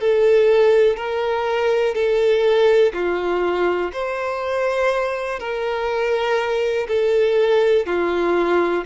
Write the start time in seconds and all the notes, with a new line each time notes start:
0.00 A4
0.96 A#4
1.94 A4
2.93 F4
3.93 C5
5.39 A#4
6.87 A4
7.86 F4